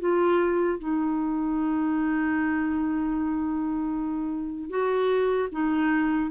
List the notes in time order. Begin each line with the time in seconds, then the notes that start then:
0.00 F4
0.79 D#4
4.70 F#4
5.52 D#4